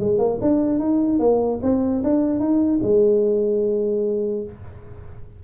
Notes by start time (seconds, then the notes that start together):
0.00 G#3
0.19 A#3
0.41 D4
0.79 D#4
1.19 A#3
1.63 C4
2.04 D4
2.40 D#4
2.83 G#3